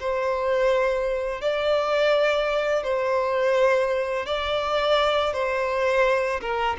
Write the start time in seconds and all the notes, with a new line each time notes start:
0.00 C5
1.41 D5
2.83 C5
4.26 D5
5.33 C5
6.41 A#4